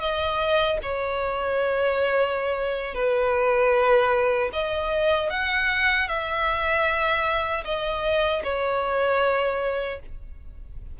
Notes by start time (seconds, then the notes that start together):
0.00 D#5
0.82 C#5
2.94 B4
4.53 D#5
5.30 F#5
6.08 E5
7.64 D#5
8.44 C#5